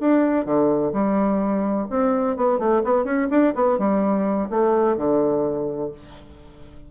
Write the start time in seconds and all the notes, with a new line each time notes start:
0.00 D4
0.45 D3
0.93 G3
1.90 C4
2.37 B3
2.59 A3
2.84 B3
3.05 C#4
3.30 D4
3.55 B3
3.78 G3
4.50 A3
4.97 D3